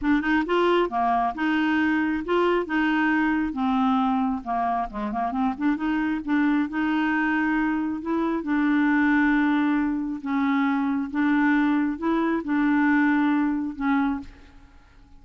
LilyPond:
\new Staff \with { instrumentName = "clarinet" } { \time 4/4 \tempo 4 = 135 d'8 dis'8 f'4 ais4 dis'4~ | dis'4 f'4 dis'2 | c'2 ais4 gis8 ais8 | c'8 d'8 dis'4 d'4 dis'4~ |
dis'2 e'4 d'4~ | d'2. cis'4~ | cis'4 d'2 e'4 | d'2. cis'4 | }